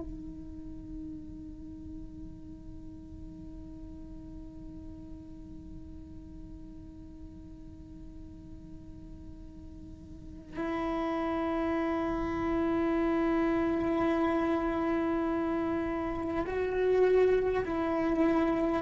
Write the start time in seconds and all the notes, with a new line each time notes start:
0.00 D#4
10.57 E4
16.47 F#4
17.65 E4